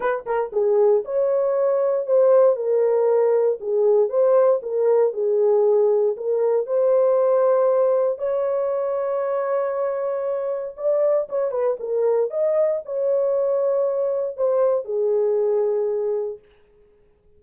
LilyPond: \new Staff \with { instrumentName = "horn" } { \time 4/4 \tempo 4 = 117 b'8 ais'8 gis'4 cis''2 | c''4 ais'2 gis'4 | c''4 ais'4 gis'2 | ais'4 c''2. |
cis''1~ | cis''4 d''4 cis''8 b'8 ais'4 | dis''4 cis''2. | c''4 gis'2. | }